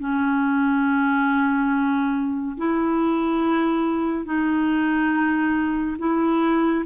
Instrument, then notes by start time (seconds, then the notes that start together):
clarinet
0.00 C#4
2.57 E4
4.25 D#4
5.99 E4